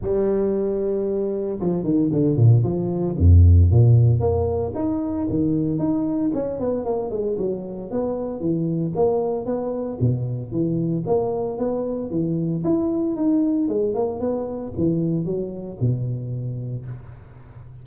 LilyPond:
\new Staff \with { instrumentName = "tuba" } { \time 4/4 \tempo 4 = 114 g2. f8 dis8 | d8 ais,8 f4 f,4 ais,4 | ais4 dis'4 dis4 dis'4 | cis'8 b8 ais8 gis8 fis4 b4 |
e4 ais4 b4 b,4 | e4 ais4 b4 e4 | e'4 dis'4 gis8 ais8 b4 | e4 fis4 b,2 | }